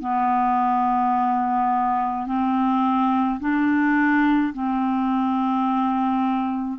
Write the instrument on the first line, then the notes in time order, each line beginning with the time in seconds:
clarinet
0.00 B3
2.26 C4
3.40 D4
4.54 C4